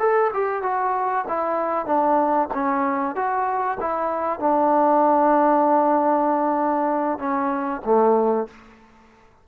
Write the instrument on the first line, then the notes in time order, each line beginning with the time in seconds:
trombone
0.00 A4
0.34 G4
0.63 F#4
1.29 E4
1.86 D4
2.54 C#4
3.16 F#4
3.80 E4
4.40 D4
7.19 C#4
7.85 A3